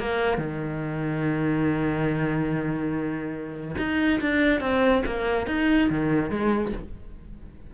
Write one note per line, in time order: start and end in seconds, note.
0.00 0.38 A#3
0.38 3.76 D#3
3.78 4.20 D#4
4.21 4.61 D4
4.61 5.03 C4
5.06 5.47 A#3
5.47 5.90 D#4
5.90 6.31 D#3
6.31 6.73 G#3